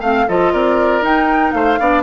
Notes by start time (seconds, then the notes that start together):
0.00 A3 C4 F5
0.28 F3 F4 A4 D#5
0.53 C4 A#4 D5
1.02 D#4 G5
1.52 A3 C5 F5
1.79 B3 D4 D5